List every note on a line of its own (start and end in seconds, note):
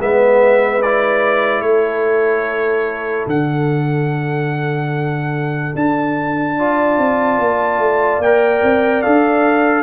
0.00 1.61 G#3
0.00 0.83 B3
0.00 1.65 B4
0.00 0.83 E5
0.83 3.31 E4
0.83 1.62 D5
1.61 3.26 A3
1.61 6.58 A4
1.61 3.26 C#5
3.27 5.74 D3
3.27 6.59 D4
3.27 5.76 F#5
5.76 6.98 D4
5.76 8.23 A5
6.58 8.24 F4
6.58 9.84 D5
6.98 7.39 C4
7.39 7.79 A#3
7.79 8.19 A3
8.19 8.60 A#3
8.19 9.05 A#4
8.19 9.03 G5
8.63 9.04 C4
9.03 9.84 D4
9.03 9.84 A4
9.03 9.84 F5